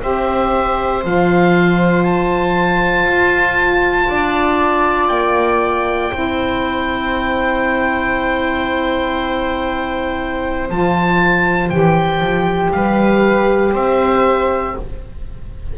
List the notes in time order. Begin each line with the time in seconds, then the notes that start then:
0.00 C4 G4 C5 E5
1.03 F3 F4 F5
2.04 A5
3.06 F4
4.08 D4 D5
5.08 A#3 G5
6.11 C4 E4 C5
10.69 F3 F4 A5
11.69 E3 G4 G5
12.21 F3
12.72 G3 B4 F5
13.72 C4 C5 E5